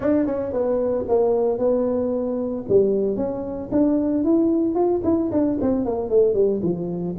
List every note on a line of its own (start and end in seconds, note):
0.00 0.26 D4
0.26 0.52 C#4
0.52 1.05 B3
1.08 1.58 A#3
1.58 2.64 B3
2.69 3.16 G3
3.16 3.69 C#4
3.71 4.24 D4
4.24 4.74 E4
4.74 5.01 F4
5.04 5.30 E4
5.31 5.58 D4
5.61 5.85 C4
5.85 6.09 A#3
6.09 6.34 A3
6.34 6.60 G3
6.62 7.15 F3